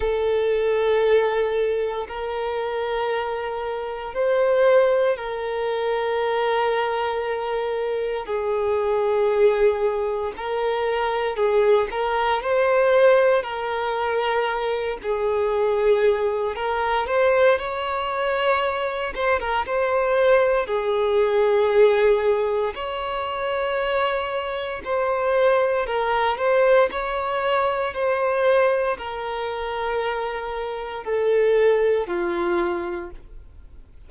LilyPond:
\new Staff \with { instrumentName = "violin" } { \time 4/4 \tempo 4 = 58 a'2 ais'2 | c''4 ais'2. | gis'2 ais'4 gis'8 ais'8 | c''4 ais'4. gis'4. |
ais'8 c''8 cis''4. c''16 ais'16 c''4 | gis'2 cis''2 | c''4 ais'8 c''8 cis''4 c''4 | ais'2 a'4 f'4 | }